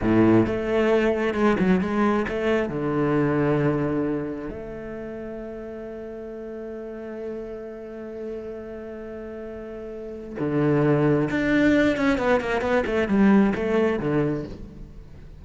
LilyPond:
\new Staff \with { instrumentName = "cello" } { \time 4/4 \tempo 4 = 133 a,4 a2 gis8 fis8 | gis4 a4 d2~ | d2 a2~ | a1~ |
a1~ | a2. d4~ | d4 d'4. cis'8 b8 ais8 | b8 a8 g4 a4 d4 | }